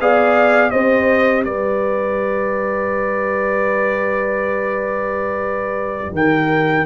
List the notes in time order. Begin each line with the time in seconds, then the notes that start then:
0.00 B3 G#4 D5 F5
0.71 C4 G4 C5 D#5
1.45 G3 B4 D5
6.13 D#3 A#4 G5